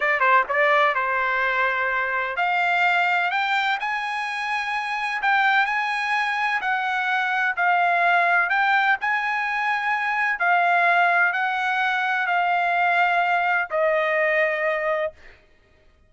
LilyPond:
\new Staff \with { instrumentName = "trumpet" } { \time 4/4 \tempo 4 = 127 d''8 c''8 d''4 c''2~ | c''4 f''2 g''4 | gis''2. g''4 | gis''2 fis''2 |
f''2 g''4 gis''4~ | gis''2 f''2 | fis''2 f''2~ | f''4 dis''2. | }